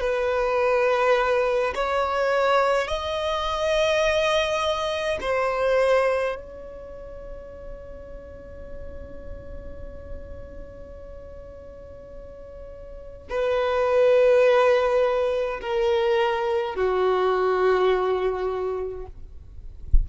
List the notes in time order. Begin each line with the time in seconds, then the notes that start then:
0.00 B4
1.75 C#5
2.87 D#5
5.21 C5
6.36 C#5
13.30 B4
15.61 A#4
16.75 F#4